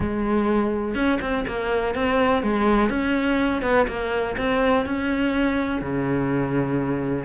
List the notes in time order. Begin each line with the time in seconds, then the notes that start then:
0.00 G#3
0.95 C#4
1.21 C4
1.47 A#3
1.94 C4
2.42 G#3
2.89 C#4
3.62 B3
3.87 A#3
4.37 C4
4.85 C#4
5.81 C#3